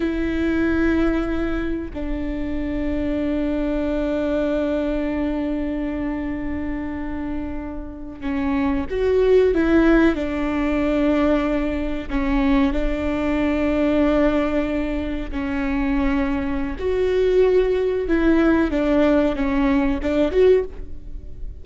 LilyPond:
\new Staff \with { instrumentName = "viola" } { \time 4/4 \tempo 4 = 93 e'2. d'4~ | d'1~ | d'1~ | d'8. cis'4 fis'4 e'4 d'16~ |
d'2~ d'8. cis'4 d'16~ | d'2.~ d'8. cis'16~ | cis'2 fis'2 | e'4 d'4 cis'4 d'8 fis'8 | }